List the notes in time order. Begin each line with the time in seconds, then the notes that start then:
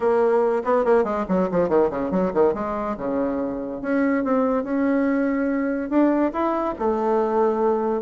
0.00 A#3
0.63 B3
0.84 A#3
1.04 G#3
1.28 F#3
1.51 F3
1.68 D#3
1.90 C#3
2.10 F#3
2.33 D#3
2.54 G#3
2.97 C#3
3.81 C#4
4.23 C4
4.63 C#4
5.89 D4
6.32 E4
6.78 A3